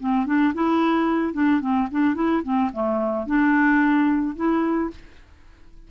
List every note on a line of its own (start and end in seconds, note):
0.00 0.26 C4
0.26 0.54 D4
0.55 1.34 E4
1.34 1.61 D4
1.61 1.88 C4
1.91 2.15 D4
2.15 2.42 E4
2.44 2.71 C4
2.73 3.27 A3
3.27 4.36 D4
4.36 4.91 E4